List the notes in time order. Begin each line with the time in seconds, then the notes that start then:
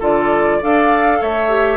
0.00 D3 F4 A4 D5
0.59 D4 A4 D5 F5
1.21 A3 C#5 E5
1.49 G4